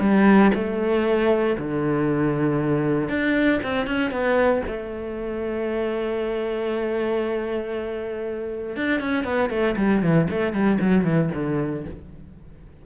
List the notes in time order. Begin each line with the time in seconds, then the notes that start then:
0.00 G3
0.54 A3
1.58 D3
3.09 D4
3.63 C4
3.86 C#4
4.11 B3
4.67 A3
8.76 D4
9.00 C#4
9.24 B3
9.50 A3
9.76 G3
10.02 E3
10.30 A3
10.53 G3
10.80 F#3
11.04 E3
11.34 D3